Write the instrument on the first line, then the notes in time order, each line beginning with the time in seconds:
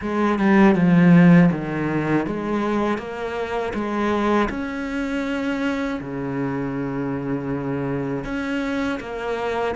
cello
0.01 G#3
0.39 G3
0.75 F3
1.51 D#3
2.26 G#3
2.98 A#3
3.74 G#3
4.49 C#4
6.00 C#3
8.24 C#4
9.00 A#3